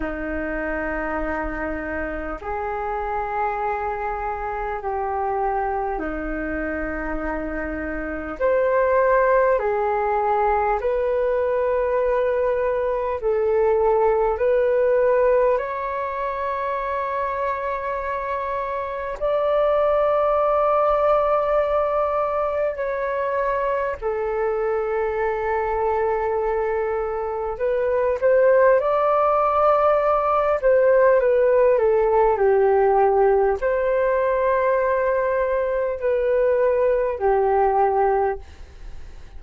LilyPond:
\new Staff \with { instrumentName = "flute" } { \time 4/4 \tempo 4 = 50 dis'2 gis'2 | g'4 dis'2 c''4 | gis'4 b'2 a'4 | b'4 cis''2. |
d''2. cis''4 | a'2. b'8 c''8 | d''4. c''8 b'8 a'8 g'4 | c''2 b'4 g'4 | }